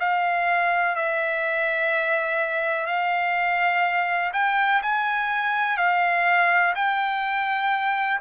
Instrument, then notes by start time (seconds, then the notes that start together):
trumpet
0.00 F5
0.96 E5
2.87 F5
4.34 G5
4.83 G#5
5.78 F5
6.76 G5